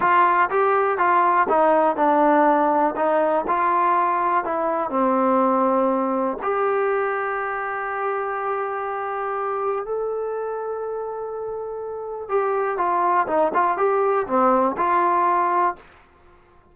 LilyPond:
\new Staff \with { instrumentName = "trombone" } { \time 4/4 \tempo 4 = 122 f'4 g'4 f'4 dis'4 | d'2 dis'4 f'4~ | f'4 e'4 c'2~ | c'4 g'2.~ |
g'1 | a'1~ | a'4 g'4 f'4 dis'8 f'8 | g'4 c'4 f'2 | }